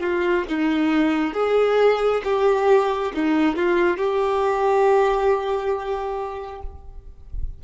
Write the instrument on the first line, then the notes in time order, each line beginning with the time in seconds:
violin
0.00 F4
0.49 D#4
1.34 G#4
2.24 G4
3.14 D#4
3.56 F4
3.97 G4